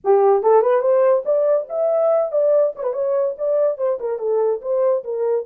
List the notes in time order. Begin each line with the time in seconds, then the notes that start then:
0.04 G4
0.42 A4
0.61 B4
0.81 C5
1.25 D5
1.69 E5
2.31 D5
2.75 C#5
2.83 B4
2.93 C#5
3.38 D5
3.77 C5
4.00 A#4
4.18 A4
4.61 C5
5.03 A#4